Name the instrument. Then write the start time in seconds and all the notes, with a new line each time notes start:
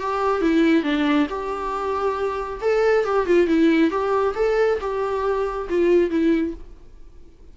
viola
0.00 G4
0.41 E4
0.83 D4
1.29 G4
2.61 A4
3.04 G4
3.26 F4
3.47 E4
3.90 G4
4.35 A4
4.80 G4
5.69 F4
6.10 E4